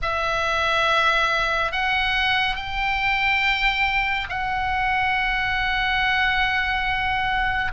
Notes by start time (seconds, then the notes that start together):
0.02 E5
1.71 F#5
2.55 G5
4.29 F#5